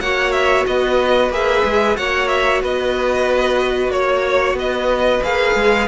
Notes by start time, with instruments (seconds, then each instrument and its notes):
0.00 cello A#3, viola F#4, violin C#5 F#5
0.31 violin E5
0.66 cello B3, violin B4 D#5
1.30 cello A#3, viola G#4, violin E5
1.64 cello G#3
1.95 cello A#3, viola F#4, violin C#5 F#5
2.28 violin E5
2.62 cello B3, violin B4 D#5
3.88 cello A#3, violin C#5
4.53 cello B3, violin B4 D#5
5.23 cello A#3, viola G#4, violin F5
5.54 cello G#3